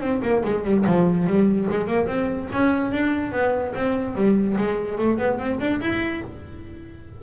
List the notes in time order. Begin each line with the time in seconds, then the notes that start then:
0.00 C4
0.22 A#3
0.44 G#3
0.64 G3
0.86 F3
1.26 G3
1.70 G#3
1.87 A#3
2.06 C4
2.52 C#4
2.91 D4
3.32 B3
3.75 C4
4.15 G3
4.57 G#3
4.98 A3
5.18 B3
5.38 C4
5.60 D4
5.81 E4